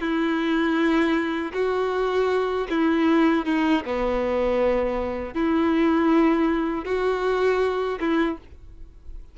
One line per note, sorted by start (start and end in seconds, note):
0.00 1.52 E4
1.53 2.67 F#4
2.70 3.45 E4
3.45 3.83 D#4
3.85 5.34 B3
5.34 6.85 E4
6.85 7.99 F#4
8.00 8.38 E4